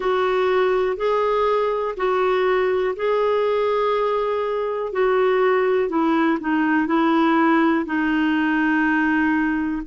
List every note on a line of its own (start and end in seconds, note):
0.00 0.97 F#4
0.97 1.95 G#4
1.97 2.95 F#4
2.96 4.92 G#4
4.92 5.89 F#4
5.89 6.38 E4
6.40 6.86 D#4
6.86 7.85 E4
7.85 9.82 D#4